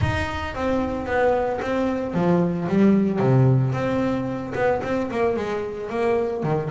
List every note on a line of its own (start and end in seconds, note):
0.01 0.54 D#4
0.55 1.06 C4
1.06 1.59 B3
1.61 2.14 C4
2.14 2.67 F3
2.68 3.19 G3
3.19 3.72 C3
3.73 4.53 C4
4.54 4.81 B3
4.83 5.10 C4
5.10 5.36 A#3
5.36 5.89 G#3
5.89 6.43 A#3
6.43 6.69 D#3